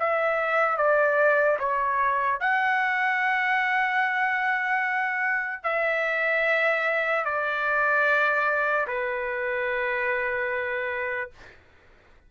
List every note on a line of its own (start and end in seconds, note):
0.00 0.77 E5
0.77 1.58 D5
1.60 2.40 C#5
2.40 5.64 F#5
5.64 7.25 E5
7.25 8.87 D5
8.87 11.31 B4